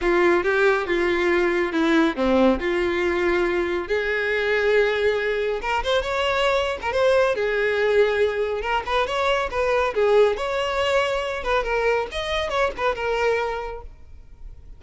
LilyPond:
\new Staff \with { instrumentName = "violin" } { \time 4/4 \tempo 4 = 139 f'4 g'4 f'2 | e'4 c'4 f'2~ | f'4 gis'2.~ | gis'4 ais'8 c''8 cis''4.~ cis''16 ais'16 |
c''4 gis'2. | ais'8 b'8 cis''4 b'4 gis'4 | cis''2~ cis''8 b'8 ais'4 | dis''4 cis''8 b'8 ais'2 | }